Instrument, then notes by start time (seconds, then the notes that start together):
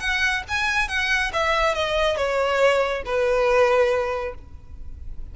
violin
0.00 F#5
0.48 G#5
0.88 F#5
1.33 E5
1.75 D#5
2.17 C#5
3.05 B4